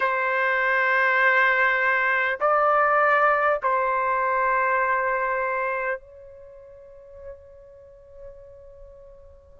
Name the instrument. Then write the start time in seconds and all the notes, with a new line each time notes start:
trumpet
0.00 C5
2.40 D5
3.62 C5
5.99 C#5